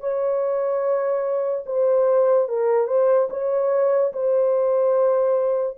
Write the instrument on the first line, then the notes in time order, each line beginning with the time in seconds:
horn
0.00 C#5
1.66 C5
2.48 A#4
2.87 C5
3.30 C#5
4.13 C5